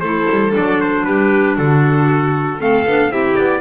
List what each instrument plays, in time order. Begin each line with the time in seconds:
0.00 double bass A3, clarinet E4, violin A4, trumpet C5
0.30 double bass G3
0.51 clarinet D4, trumpet D5
0.58 double bass F#3
0.80 trumpet C5
1.04 double bass G3, violin G4, trumpet B4
1.57 double bass D3, violin F#4, trumpet A4
2.59 double bass A3, clarinet C4, violin A4, trumpet F5
2.86 double bass B3, clarinet D4
3.09 double bass C4, clarinet E4, violin G4, trumpet E5
3.35 double bass B3, trumpet D5